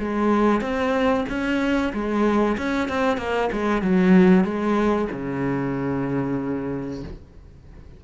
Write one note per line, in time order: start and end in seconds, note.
0.00 0.62 G#3
0.62 1.25 C4
1.29 1.93 C#4
1.94 2.58 G#3
2.58 2.89 C#4
2.89 3.18 C4
3.18 3.50 A#3
3.53 3.82 G#3
3.82 4.45 F#3
4.45 5.09 G#3
5.12 7.04 C#3